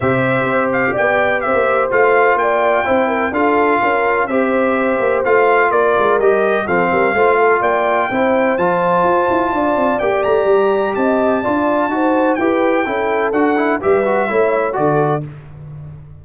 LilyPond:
<<
  \new Staff \with { instrumentName = "trumpet" } { \time 4/4 \tempo 4 = 126 e''4. f''8 g''4 e''4 | f''4 g''2 f''4~ | f''4 e''2 f''4 | d''4 dis''4 f''2 |
g''2 a''2~ | a''4 g''8 ais''4. a''4~ | a''2 g''2 | fis''4 e''2 d''4 | }
  \new Staff \with { instrumentName = "horn" } { \time 4/4 c''2 d''4 c''4~ | c''4 d''4 c''8 ais'8 a'4 | ais'4 c''2. | ais'2 a'8 ais'8 c''8 a'8 |
d''4 c''2. | d''2. dis''4 | d''4 c''4 b'4 a'4~ | a'4 b'4 cis''4 a'4 | }
  \new Staff \with { instrumentName = "trombone" } { \time 4/4 g'1 | f'2 e'4 f'4~ | f'4 g'2 f'4~ | f'4 g'4 c'4 f'4~ |
f'4 e'4 f'2~ | f'4 g'2. | f'4 fis'4 g'4 e'4 | fis'8 e'8 g'8 fis'8 e'4 fis'4 | }
  \new Staff \with { instrumentName = "tuba" } { \time 4/4 c4 c'4 b4 c'16 ais8. | a4 ais4 c'4 d'4 | cis'4 c'4. ais8 a4 | ais8 gis8 g4 f8 g8 a4 |
ais4 c'4 f4 f'8 e'8 | d'8 c'8 ais8 a8 g4 c'4 | d'4 dis'4 e'4 cis'4 | d'4 g4 a4 d4 | }
>>